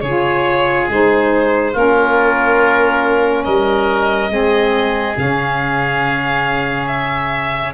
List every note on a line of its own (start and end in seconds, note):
0.00 0.87 C#3
0.00 0.90 F4
0.00 1.72 G#4
0.00 0.86 C#5
0.88 1.74 G#3
0.88 1.73 D#4
0.88 1.77 C5
1.72 3.45 A#3
1.72 4.29 C#4
1.72 3.43 F4
1.72 3.44 A#4
3.44 4.30 G3
3.44 4.30 A#4
3.44 5.16 D#5
4.29 5.15 G#3
4.29 5.15 C4
4.29 7.73 G#4
5.16 7.73 C#3
5.16 7.73 C#4
5.16 6.87 F5
6.87 7.72 E5